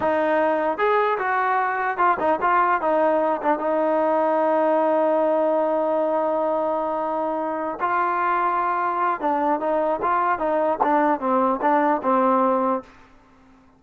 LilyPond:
\new Staff \with { instrumentName = "trombone" } { \time 4/4 \tempo 4 = 150 dis'2 gis'4 fis'4~ | fis'4 f'8 dis'8 f'4 dis'4~ | dis'8 d'8 dis'2.~ | dis'1~ |
dis'2.~ dis'8 f'8~ | f'2. d'4 | dis'4 f'4 dis'4 d'4 | c'4 d'4 c'2 | }